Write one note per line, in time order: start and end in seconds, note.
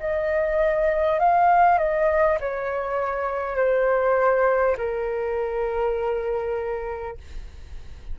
0.00 1.19 D#5
1.19 1.78 F5
1.78 2.38 D#5
2.40 3.56 C#5
3.56 4.76 C5
4.77 7.17 A#4